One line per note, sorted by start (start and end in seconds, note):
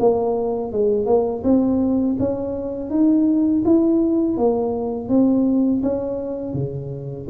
0.00 0.72 A#3
0.72 1.06 G#3
1.06 1.43 A#3
1.44 2.17 C4
2.20 2.90 C#4
2.90 3.64 D#4
3.66 4.38 E4
4.38 5.09 A#3
5.09 5.82 C4
5.83 6.54 C#4
6.54 7.27 C#3